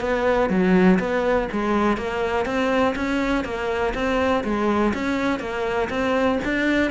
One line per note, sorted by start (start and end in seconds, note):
0.00 0.49 B3
0.49 0.99 F#3
0.99 1.48 B3
1.52 1.97 G#3
1.97 2.45 A#3
2.45 2.95 C4
2.95 3.44 C#4
3.44 3.93 A#3
3.94 4.43 C4
4.44 4.93 G#3
4.94 5.39 C#4
5.39 5.88 A#3
5.89 6.39 C4
6.44 6.91 D4